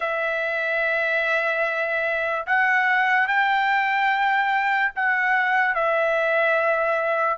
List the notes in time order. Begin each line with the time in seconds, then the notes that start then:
0.00 E5
2.46 F#5
3.27 G5
4.95 F#5
5.75 E5